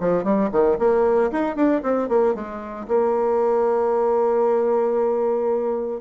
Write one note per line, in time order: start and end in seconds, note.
0.00 0.24 F3
0.24 0.50 G3
0.52 0.78 D#3
0.79 1.31 A#3
1.32 1.56 D#4
1.56 1.82 D4
1.83 2.09 C4
2.09 2.35 A#3
2.35 2.87 G#3
2.88 6.01 A#3